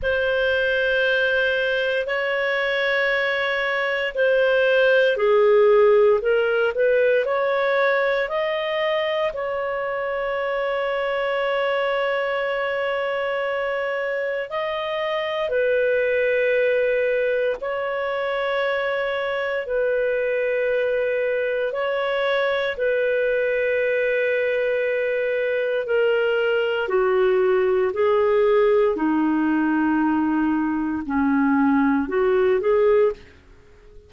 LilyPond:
\new Staff \with { instrumentName = "clarinet" } { \time 4/4 \tempo 4 = 58 c''2 cis''2 | c''4 gis'4 ais'8 b'8 cis''4 | dis''4 cis''2.~ | cis''2 dis''4 b'4~ |
b'4 cis''2 b'4~ | b'4 cis''4 b'2~ | b'4 ais'4 fis'4 gis'4 | dis'2 cis'4 fis'8 gis'8 | }